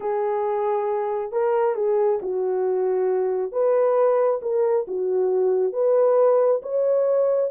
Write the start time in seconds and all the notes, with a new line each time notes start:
0.00 G#4
1.31 A#4
1.75 G#4
2.22 F#4
3.52 B4
4.42 A#4
4.87 F#4
5.73 B4
6.62 C#5